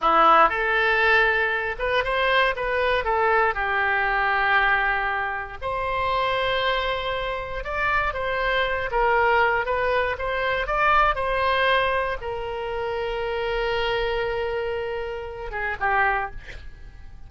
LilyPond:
\new Staff \with { instrumentName = "oboe" } { \time 4/4 \tempo 4 = 118 e'4 a'2~ a'8 b'8 | c''4 b'4 a'4 g'4~ | g'2. c''4~ | c''2. d''4 |
c''4. ais'4. b'4 | c''4 d''4 c''2 | ais'1~ | ais'2~ ais'8 gis'8 g'4 | }